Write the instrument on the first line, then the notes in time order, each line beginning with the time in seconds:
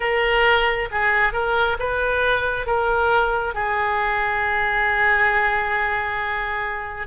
oboe
0.00 A#4
0.91 G#4
1.32 A#4
1.79 B4
2.66 A#4
3.54 G#4